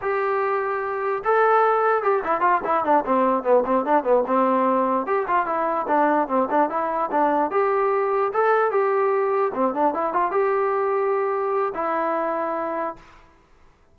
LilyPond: \new Staff \with { instrumentName = "trombone" } { \time 4/4 \tempo 4 = 148 g'2. a'4~ | a'4 g'8 e'8 f'8 e'8 d'8 c'8~ | c'8 b8 c'8 d'8 b8 c'4.~ | c'8 g'8 f'8 e'4 d'4 c'8 |
d'8 e'4 d'4 g'4.~ | g'8 a'4 g'2 c'8 | d'8 e'8 f'8 g'2~ g'8~ | g'4 e'2. | }